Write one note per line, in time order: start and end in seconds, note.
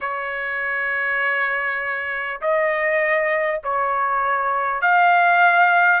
0.01 2.41 C#5
2.41 3.61 D#5
3.63 4.81 C#5
4.81 6.00 F5